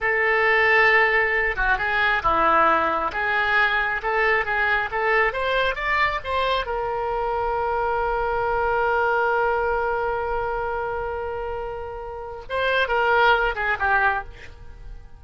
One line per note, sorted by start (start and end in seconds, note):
0.01 1.56 A4
1.56 1.78 F#4
1.78 2.22 G#4
2.22 3.11 E4
3.12 4.01 G#4
4.02 4.45 A4
4.45 4.89 G#4
4.91 5.33 A4
5.33 5.75 C5
5.75 6.19 D5
6.24 6.65 C5
6.65 12.43 A#4
12.49 12.88 C5
12.88 13.54 A#4
13.55 13.77 G#4
13.79 14.23 G4